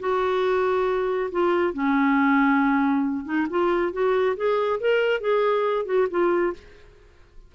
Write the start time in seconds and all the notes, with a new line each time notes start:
0.00 F#4
1.32 F4
1.74 C#4
3.26 D#4
3.50 F4
3.93 F#4
4.37 G#4
4.81 A#4
5.21 G#4
5.86 F#4
6.10 F4